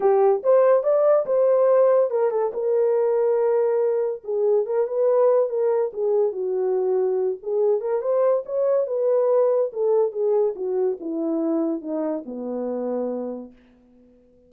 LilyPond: \new Staff \with { instrumentName = "horn" } { \time 4/4 \tempo 4 = 142 g'4 c''4 d''4 c''4~ | c''4 ais'8 a'8 ais'2~ | ais'2 gis'4 ais'8 b'8~ | b'4 ais'4 gis'4 fis'4~ |
fis'4. gis'4 ais'8 c''4 | cis''4 b'2 a'4 | gis'4 fis'4 e'2 | dis'4 b2. | }